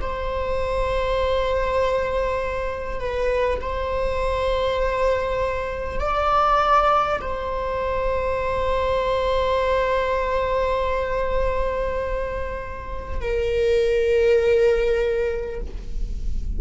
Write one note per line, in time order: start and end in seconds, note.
0.00 2.99 C5
2.99 3.59 B4
3.61 5.99 C5
5.99 7.19 D5
7.21 13.20 C5
13.20 15.60 A#4